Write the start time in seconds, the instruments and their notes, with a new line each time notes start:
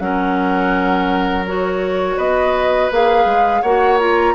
0.00 bassoon F#3, clarinet C#4, oboe A#4, flute F#5
1.47 clarinet F#4, flute C#5
2.17 bassoon B3, oboe B4, flute D#5
2.92 bassoon A#3, clarinet G#4, flute F5
3.25 bassoon G#3
3.62 bassoon A#3, clarinet F#4, oboe C#5, flute F#5
3.99 clarinet F4, flute A#5